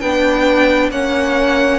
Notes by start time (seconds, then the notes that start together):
0.00 B3 D4 B4 G5
0.90 A#3 C#4 C#5 F#5